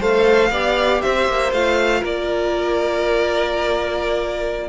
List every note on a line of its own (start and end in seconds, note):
0.00 0.51 A3
0.00 0.52 A4
0.00 0.51 C5
0.00 1.02 F5
0.51 1.01 B3
0.51 1.54 G4
0.51 1.02 D5
1.02 1.28 C4
1.02 2.01 C5
1.02 1.53 E5
1.28 1.53 A#3
1.53 2.04 A3
1.53 4.69 F4
1.53 2.04 F5
2.01 4.69 A#3
2.01 4.68 A#4
2.01 4.69 D5